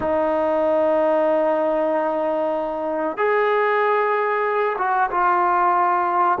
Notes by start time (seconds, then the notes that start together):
0.00 D#4
3.17 G#4
4.78 F#4
5.10 F4